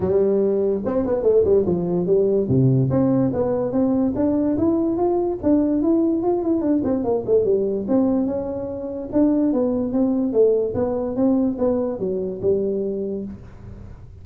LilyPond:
\new Staff \with { instrumentName = "tuba" } { \time 4/4 \tempo 4 = 145 g2 c'8 b8 a8 g8 | f4 g4 c4 c'4 | b4 c'4 d'4 e'4 | f'4 d'4 e'4 f'8 e'8 |
d'8 c'8 ais8 a8 g4 c'4 | cis'2 d'4 b4 | c'4 a4 b4 c'4 | b4 fis4 g2 | }